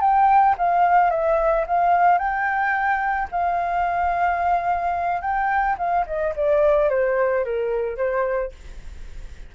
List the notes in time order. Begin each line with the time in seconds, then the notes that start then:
0.00 G5
0.57 F5
1.10 E5
1.66 F5
2.18 G5
3.31 F5
5.21 G5
5.78 F5
6.06 D#5
6.36 D5
6.89 C5
7.44 A#4
7.96 C5